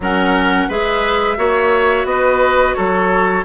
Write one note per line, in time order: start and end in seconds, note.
0.00 0.67 F#3
0.00 0.70 C#4
0.00 0.68 A#4
0.00 0.71 F#5
0.68 1.37 G#3
0.68 1.36 G#4
0.68 1.37 B4
0.68 2.05 E5
1.36 2.04 A#3
1.36 3.43 F#4
1.36 2.06 C#5
2.04 2.73 B3
2.04 2.76 B4
2.04 2.74 D#5
2.74 3.44 F#3
2.74 3.44 A4
2.74 3.43 C#5